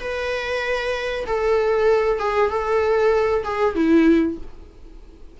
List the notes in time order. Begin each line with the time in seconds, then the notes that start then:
0.00 B4
1.26 A4
2.19 G#4
2.50 A4
3.44 G#4
3.75 E4